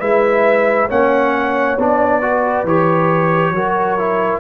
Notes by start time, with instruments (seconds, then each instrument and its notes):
0.00 tuba G#3, trombone E4, horn B4, trumpet E5
0.88 tuba A#3, trombone C#4, horn C#5, trumpet F#5
1.78 tuba B3, trombone D4, trumpet D5
2.21 trombone F#4, horn B4
2.64 tuba E3, trombone G4, trumpet C#5
3.51 tuba F#3, trombone F#4, horn A#4
3.99 trombone E4